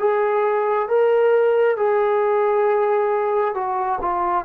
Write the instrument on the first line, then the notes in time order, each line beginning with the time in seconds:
trombone
0.00 G#4
0.89 A#4
1.77 G#4
3.55 F#4
4.01 F4